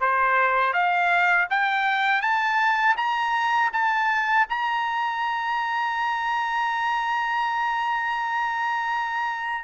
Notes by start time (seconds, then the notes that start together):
0.00 C5
0.73 F5
1.50 G5
2.21 A5
2.96 A#5
3.73 A5
4.49 A#5